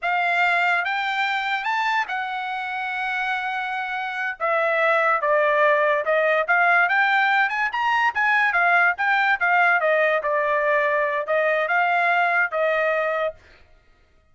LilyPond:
\new Staff \with { instrumentName = "trumpet" } { \time 4/4 \tempo 4 = 144 f''2 g''2 | a''4 fis''2.~ | fis''2~ fis''8 e''4.~ | e''8 d''2 dis''4 f''8~ |
f''8 g''4. gis''8 ais''4 gis''8~ | gis''8 f''4 g''4 f''4 dis''8~ | dis''8 d''2~ d''8 dis''4 | f''2 dis''2 | }